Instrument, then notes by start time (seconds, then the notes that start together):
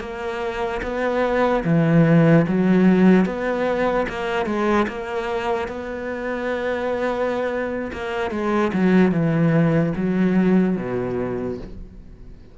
cello
0.00 A#3
0.83 B3
1.65 E3
2.48 F#3
3.26 B3
4.09 A#3
4.46 G#3
4.88 A#3
5.68 B3
7.93 A#3
8.31 G#3
8.73 F#3
9.12 E3
9.97 F#3
10.77 B2